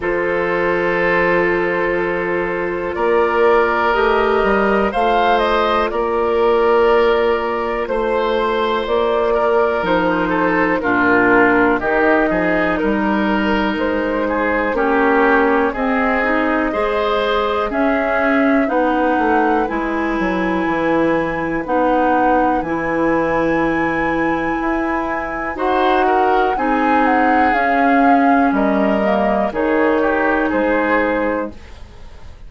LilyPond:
<<
  \new Staff \with { instrumentName = "flute" } { \time 4/4 \tempo 4 = 61 c''2. d''4 | dis''4 f''8 dis''8 d''2 | c''4 d''4 c''4 ais'4 | dis''4 ais'4 c''4 cis''4 |
dis''2 e''4 fis''4 | gis''2 fis''4 gis''4~ | gis''2 fis''4 gis''8 fis''8 | f''4 dis''4 cis''4 c''4 | }
  \new Staff \with { instrumentName = "oboe" } { \time 4/4 a'2. ais'4~ | ais'4 c''4 ais'2 | c''4. ais'4 a'8 f'4 | g'8 gis'8 ais'4. gis'8 g'4 |
gis'4 c''4 gis'4 b'4~ | b'1~ | b'2 c''8 ais'8 gis'4~ | gis'4 ais'4 gis'8 g'8 gis'4 | }
  \new Staff \with { instrumentName = "clarinet" } { \time 4/4 f'1 | g'4 f'2.~ | f'2 dis'4 d'4 | dis'2. cis'4 |
c'8 dis'8 gis'4 cis'4 dis'4 | e'2 dis'4 e'4~ | e'2 fis'4 dis'4 | cis'4. ais8 dis'2 | }
  \new Staff \with { instrumentName = "bassoon" } { \time 4/4 f2. ais4 | a8 g8 a4 ais2 | a4 ais4 f4 ais,4 | dis8 f8 g4 gis4 ais4 |
c'4 gis4 cis'4 b8 a8 | gis8 fis8 e4 b4 e4~ | e4 e'4 dis'4 c'4 | cis'4 g4 dis4 gis4 | }
>>